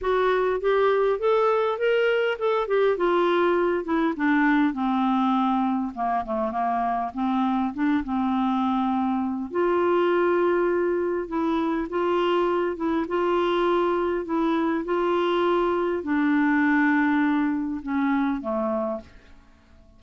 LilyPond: \new Staff \with { instrumentName = "clarinet" } { \time 4/4 \tempo 4 = 101 fis'4 g'4 a'4 ais'4 | a'8 g'8 f'4. e'8 d'4 | c'2 ais8 a8 ais4 | c'4 d'8 c'2~ c'8 |
f'2. e'4 | f'4. e'8 f'2 | e'4 f'2 d'4~ | d'2 cis'4 a4 | }